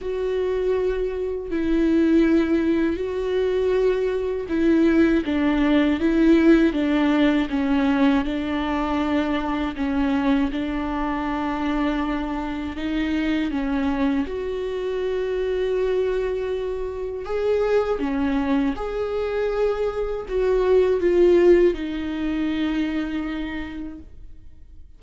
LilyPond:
\new Staff \with { instrumentName = "viola" } { \time 4/4 \tempo 4 = 80 fis'2 e'2 | fis'2 e'4 d'4 | e'4 d'4 cis'4 d'4~ | d'4 cis'4 d'2~ |
d'4 dis'4 cis'4 fis'4~ | fis'2. gis'4 | cis'4 gis'2 fis'4 | f'4 dis'2. | }